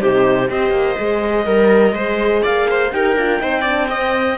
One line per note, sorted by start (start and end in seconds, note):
0.00 0.50 C3
0.00 0.48 D#4
0.00 0.49 G4
0.00 0.49 C5
0.48 0.70 C4
0.48 0.97 G4
0.48 1.46 C5
0.48 2.44 D#5
0.70 0.95 A#3
0.98 1.46 G#3
0.98 1.44 G#4
1.44 1.93 G3
1.44 1.93 A#4
1.44 1.94 A#4
1.93 2.41 G#3
1.93 2.92 G#4
1.93 2.43 C5
2.43 2.92 A#3
2.43 2.67 D5
2.43 2.91 F5
2.70 2.94 C5
2.91 3.16 D#4
2.91 3.16 G4
2.91 3.43 A#4
2.91 4.38 G5
3.16 3.41 D4
3.16 3.39 F4
3.39 4.38 C4
3.39 3.64 D#4
3.39 3.61 C5
3.61 3.89 D4
3.61 3.86 D5
3.89 4.38 C4
3.89 4.38 D#5